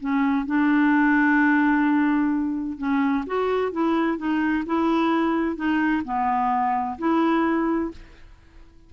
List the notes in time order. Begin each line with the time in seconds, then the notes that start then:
0.00 C#4
0.46 D4
2.78 C#4
3.26 F#4
3.72 E4
4.17 D#4
4.66 E4
5.56 D#4
6.04 B3
6.98 E4